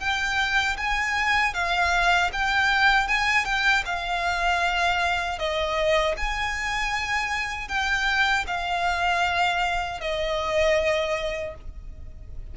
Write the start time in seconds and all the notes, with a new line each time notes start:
0.00 G5
0.77 G#5
1.54 F5
2.33 G5
3.08 G#5
3.45 G5
3.86 F5
5.39 D#5
6.17 G#5
7.69 G5
8.48 F5
10.01 D#5